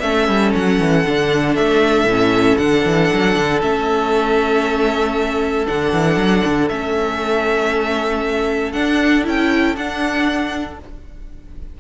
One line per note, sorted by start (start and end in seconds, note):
0.00 0.28 A3
0.00 1.05 C#4
0.00 10.80 A4
0.00 0.51 E5
0.28 0.54 G3
0.55 0.79 F#3
0.55 1.55 F#5
0.79 1.05 E3
1.06 1.58 D3
1.06 2.09 D4
1.55 2.04 A3
1.55 2.57 E5
2.04 2.55 A2
2.04 2.59 C#4
2.57 2.85 D3
2.57 3.62 D4
2.57 3.60 F#5
2.85 3.11 E3
3.14 3.36 F#3
3.36 3.62 D3
3.62 5.67 A3
3.62 5.67 C#4
3.62 5.67 E5
5.67 5.93 D3
5.67 6.69 D4
5.67 6.68 F#5
5.93 6.16 E3
6.16 6.42 F#3
6.45 6.70 D3
6.68 8.75 A3
6.68 8.73 C#4
6.68 8.72 E5
8.72 9.23 D4
8.72 9.27 D4
8.72 9.24 F#5
9.23 9.76 C#4
9.23 9.75 E4
9.23 9.76 G5
9.76 10.79 D4
9.76 10.80 D4
9.76 10.79 F#5